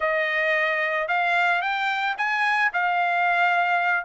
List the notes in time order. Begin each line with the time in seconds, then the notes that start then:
0.00 D#5
1.08 F5
1.61 G5
2.17 G#5
2.73 F5